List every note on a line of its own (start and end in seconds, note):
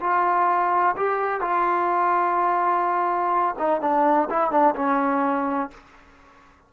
0.00 0.95 F4
0.97 1.41 G4
1.41 3.55 F4
3.59 3.81 D#4
3.81 4.29 D4
4.30 4.51 E4
4.51 4.75 D4
4.75 5.71 C#4